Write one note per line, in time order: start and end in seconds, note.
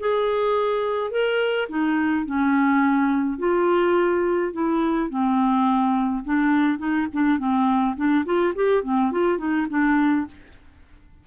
0.00 1.11 G#4
1.11 1.68 A#4
1.69 2.26 D#4
2.26 3.39 C#4
3.39 4.53 F4
4.53 5.10 E4
5.10 6.24 C4
6.25 6.78 D4
6.78 7.07 D#4
7.14 7.39 D4
7.39 7.96 C4
7.97 8.25 D4
8.25 8.54 F4
8.55 8.84 G4
8.84 9.12 C4
9.12 9.38 F4
9.38 9.67 D#4
9.70 10.27 D4